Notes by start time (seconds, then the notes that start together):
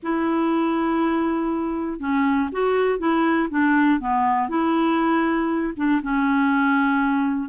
0.02 E4
1.99 C#4
2.52 F#4
2.98 E4
3.50 D4
4.00 B3
4.48 E4
5.76 D4
6.02 C#4